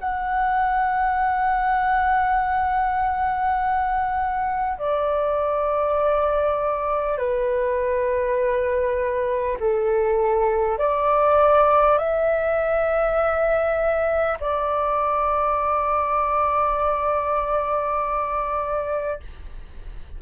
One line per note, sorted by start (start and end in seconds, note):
0.00 4.78 F#5
4.78 7.18 D5
7.18 9.58 B4
9.60 10.79 A4
10.79 11.98 D5
11.98 14.38 E5
14.41 19.21 D5